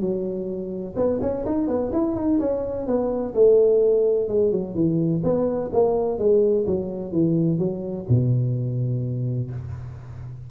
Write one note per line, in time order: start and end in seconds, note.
0.00 0.94 F#3
0.96 1.19 B3
1.21 1.45 C#4
1.45 1.67 D#4
1.67 1.91 B3
1.92 2.15 E4
2.15 2.39 D#4
2.39 2.86 C#4
2.86 3.34 B3
3.34 4.28 A3
4.28 4.51 G#3
4.51 4.75 F#3
4.75 5.22 E3
5.23 5.70 B3
5.73 6.18 A#3
6.18 6.65 G#3
6.66 7.12 F#3
7.12 7.58 E3
7.58 8.05 F#3
8.08 9.50 B2